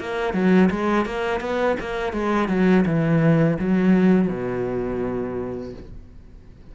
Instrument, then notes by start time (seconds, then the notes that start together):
cello
0.00 A#3
0.33 F#3
0.70 G#3
1.05 A#3
1.40 B3
1.80 A#3
2.13 G#3
2.48 F#3
2.86 E3
3.59 F#3
4.28 B2